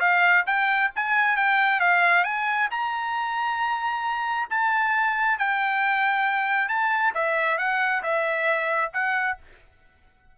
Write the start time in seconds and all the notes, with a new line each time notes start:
0.00 F5
0.46 G5
0.95 G#5
1.36 G5
1.80 F5
2.24 G#5
2.71 A#5
4.50 A5
5.39 G5
6.68 A5
7.14 E5
7.58 F#5
8.03 E5
8.93 F#5